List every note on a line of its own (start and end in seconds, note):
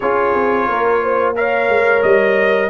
0.00 0.34 C#4
0.00 1.35 F4
0.00 0.67 G#4
0.00 1.34 C#5
0.34 0.68 C4
0.67 1.68 A#3
0.67 1.01 A#4
1.02 1.35 C5
1.35 2.69 A#4
1.35 2.69 C#5
1.35 2.02 F5
1.68 2.02 G#3
2.02 2.69 G3
2.02 2.69 D#5